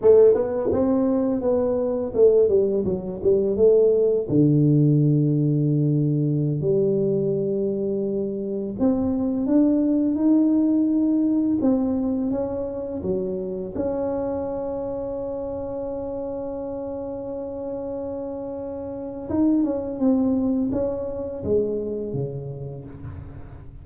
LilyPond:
\new Staff \with { instrumentName = "tuba" } { \time 4/4 \tempo 4 = 84 a8 b8 c'4 b4 a8 g8 | fis8 g8 a4 d2~ | d4~ d16 g2~ g8.~ | g16 c'4 d'4 dis'4.~ dis'16~ |
dis'16 c'4 cis'4 fis4 cis'8.~ | cis'1~ | cis'2. dis'8 cis'8 | c'4 cis'4 gis4 cis4 | }